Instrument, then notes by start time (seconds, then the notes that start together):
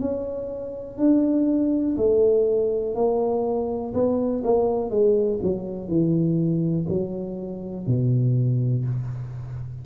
tuba
0.00 C#4
0.98 D4
1.97 A3
2.95 A#3
3.93 B3
4.44 A#3
4.90 G#3
5.42 F#3
5.88 E3
6.88 F#3
7.86 B2